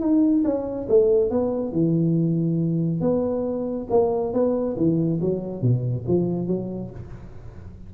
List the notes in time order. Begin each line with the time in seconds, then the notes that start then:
0.00 D#4
0.45 C#4
0.89 A3
1.30 B3
1.72 E3
3.01 B3
3.90 A#3
4.33 B3
4.77 E3
5.21 F#3
5.62 B2
6.08 F3
6.47 F#3